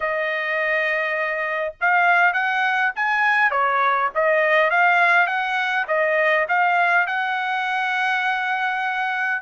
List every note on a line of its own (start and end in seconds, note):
0.00 1.74 D#5
1.80 2.33 F5
2.33 2.92 F#5
2.95 3.50 G#5
3.50 4.09 C#5
4.14 4.70 D#5
4.70 5.26 F5
5.26 5.85 F#5
5.87 6.46 D#5
6.48 7.06 F5
7.06 9.41 F#5